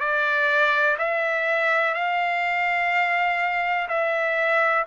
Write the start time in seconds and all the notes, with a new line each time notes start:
0.00 D5
0.99 E5
1.94 F5
3.88 E5